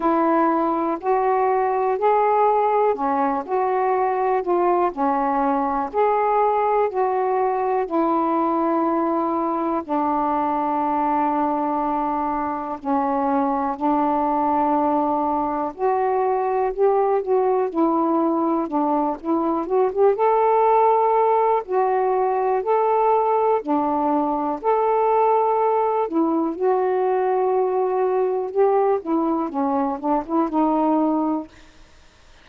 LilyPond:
\new Staff \with { instrumentName = "saxophone" } { \time 4/4 \tempo 4 = 61 e'4 fis'4 gis'4 cis'8 fis'8~ | fis'8 f'8 cis'4 gis'4 fis'4 | e'2 d'2~ | d'4 cis'4 d'2 |
fis'4 g'8 fis'8 e'4 d'8 e'8 | fis'16 g'16 a'4. fis'4 a'4 | d'4 a'4. e'8 fis'4~ | fis'4 g'8 e'8 cis'8 d'16 e'16 dis'4 | }